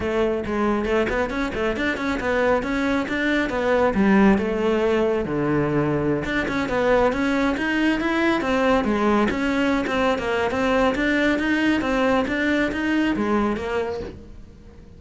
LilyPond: \new Staff \with { instrumentName = "cello" } { \time 4/4 \tempo 4 = 137 a4 gis4 a8 b8 cis'8 a8 | d'8 cis'8 b4 cis'4 d'4 | b4 g4 a2 | d2~ d16 d'8 cis'8 b8.~ |
b16 cis'4 dis'4 e'4 c'8.~ | c'16 gis4 cis'4~ cis'16 c'8. ais8. | c'4 d'4 dis'4 c'4 | d'4 dis'4 gis4 ais4 | }